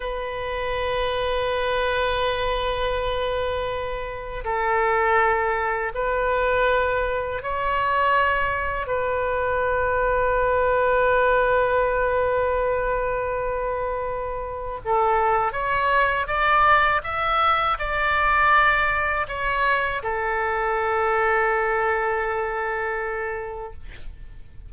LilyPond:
\new Staff \with { instrumentName = "oboe" } { \time 4/4 \tempo 4 = 81 b'1~ | b'2 a'2 | b'2 cis''2 | b'1~ |
b'1 | a'4 cis''4 d''4 e''4 | d''2 cis''4 a'4~ | a'1 | }